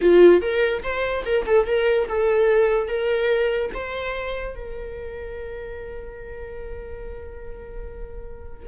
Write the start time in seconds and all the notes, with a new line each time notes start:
0.01 F4
0.41 A#4
0.83 C5
1.25 A#4
1.46 A4
1.66 A#4
2.08 A4
2.88 A#4
3.74 C5
4.55 A#4